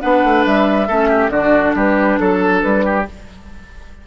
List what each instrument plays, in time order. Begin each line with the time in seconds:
0.00 bassoon B3, clarinet D4, oboe B4, flute F#5
0.23 bassoon A3
0.45 bassoon G3, flute E5
0.87 bassoon A3, clarinet C#4, oboe A4
1.08 oboe G4
1.29 bassoon D3, clarinet D4, oboe F#4, flute D5
1.75 bassoon G3, oboe G4, flute B4
2.19 bassoon F#3, flute A4, oboe A4
2.62 bassoon G3, flute B4
2.84 oboe G4